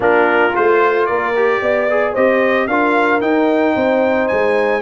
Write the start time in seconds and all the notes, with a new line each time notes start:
0.00 A#3 D4 F4 A#4
0.53 A3 F4 C5
1.06 A#3 A#4 D5
1.35 G4
1.61 B3 D5
1.90 G#4
2.12 C4 G4 C5 D#5
2.67 D4 F4 A#4 F5
3.21 D#4 G5
3.75 C4 C5
4.28 G#3 G#5